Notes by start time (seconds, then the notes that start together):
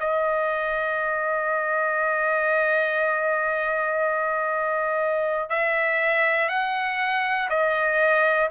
0.00 D#5
5.50 E5
6.49 F#5
7.50 D#5